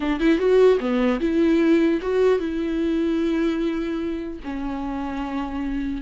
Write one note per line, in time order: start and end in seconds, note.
0.00 0.19 D4
0.20 0.38 E4
0.38 0.78 F#4
0.79 1.19 B3
1.20 2.00 E4
2.01 2.39 F#4
2.39 4.39 E4
4.43 6.01 C#4